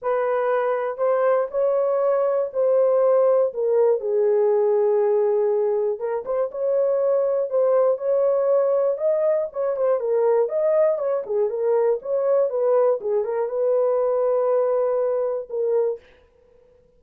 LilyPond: \new Staff \with { instrumentName = "horn" } { \time 4/4 \tempo 4 = 120 b'2 c''4 cis''4~ | cis''4 c''2 ais'4 | gis'1 | ais'8 c''8 cis''2 c''4 |
cis''2 dis''4 cis''8 c''8 | ais'4 dis''4 cis''8 gis'8 ais'4 | cis''4 b'4 gis'8 ais'8 b'4~ | b'2. ais'4 | }